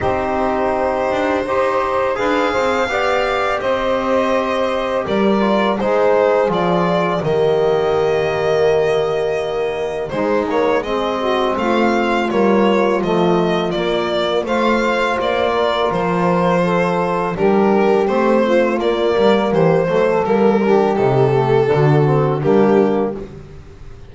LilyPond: <<
  \new Staff \with { instrumentName = "violin" } { \time 4/4 \tempo 4 = 83 c''2. f''4~ | f''4 dis''2 d''4 | c''4 d''4 dis''2~ | dis''2 c''8 cis''8 dis''4 |
f''4 cis''4 dis''4 d''4 | f''4 d''4 c''2 | ais'4 c''4 d''4 c''4 | ais'4 a'2 g'4 | }
  \new Staff \with { instrumentName = "saxophone" } { \time 4/4 g'2 c''4 b'8 c''8 | d''4 c''2 ais'4 | gis'2 g'2~ | g'2 dis'4 gis'8 fis'8 |
f'1 | c''4. ais'4. a'4 | g'4. f'4 ais'8 g'8 a'8~ | a'8 g'4. fis'4 d'4 | }
  \new Staff \with { instrumentName = "trombone" } { \time 4/4 dis'2 g'4 gis'4 | g'2.~ g'8 f'8 | dis'4 f'4 ais2~ | ais2 gis8 ais8 c'4~ |
c'4 ais4 a4 ais4 | f'1 | d'4 c'4 ais4. a8 | ais8 d'8 dis'8 a8 d'8 c'8 ais4 | }
  \new Staff \with { instrumentName = "double bass" } { \time 4/4 c'4. d'8 dis'4 d'8 c'8 | b4 c'2 g4 | gis4 f4 dis2~ | dis2 gis2 |
a4 g4 f4 ais4 | a4 ais4 f2 | g4 a4 ais8 g8 e8 fis8 | g4 c4 d4 g4 | }
>>